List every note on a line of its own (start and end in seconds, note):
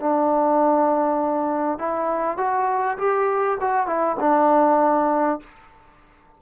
0.00 1.79 D4
1.79 2.38 E4
2.38 2.98 F#4
2.98 3.58 G4
3.61 3.87 F#4
3.87 4.17 E4
4.20 5.40 D4